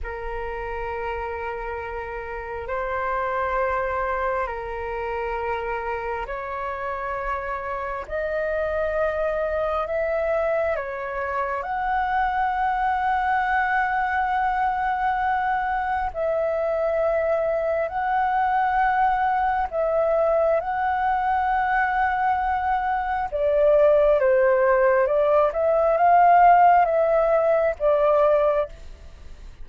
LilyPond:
\new Staff \with { instrumentName = "flute" } { \time 4/4 \tempo 4 = 67 ais'2. c''4~ | c''4 ais'2 cis''4~ | cis''4 dis''2 e''4 | cis''4 fis''2.~ |
fis''2 e''2 | fis''2 e''4 fis''4~ | fis''2 d''4 c''4 | d''8 e''8 f''4 e''4 d''4 | }